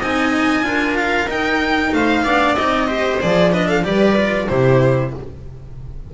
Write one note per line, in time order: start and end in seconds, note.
0.00 0.63 C4
0.00 0.63 D#4
0.00 0.64 D#5
0.00 0.97 G#5
0.63 1.27 D4
0.63 1.27 F4
0.63 1.95 A#4
0.97 1.29 F5
1.27 1.91 D#4
1.27 2.25 D#4
1.27 1.94 G5
1.93 2.25 A3
1.93 2.24 C5
1.93 2.56 F5
2.24 2.57 B3
2.24 2.57 D4
2.24 2.87 D5
2.56 3.22 C4
2.56 2.88 D#4
2.56 3.20 D#5
2.87 3.20 G4
2.87 3.51 C5
3.21 3.85 F3
3.21 3.53 G#4
3.21 3.53 D5
3.53 3.84 D4
3.53 3.68 B4
3.53 3.68 D#5
3.68 3.84 A4
3.68 3.84 F5
3.84 4.48 G3
3.84 4.16 G4
3.84 4.50 B4
3.84 4.48 D5
4.17 4.49 F4
4.48 5.14 C3
4.48 5.15 E4
4.48 5.13 G4
4.48 5.12 C5